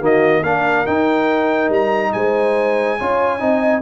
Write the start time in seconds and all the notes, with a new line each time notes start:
0.00 D#3 A#3 F#4 D#5
0.41 A#3 D4 A#4 F5
0.86 D#4 G5
1.69 G3 A#5
2.12 G#3 C5 G#5
2.98 C#4 F4 C#5
3.39 C4 D#4 D#5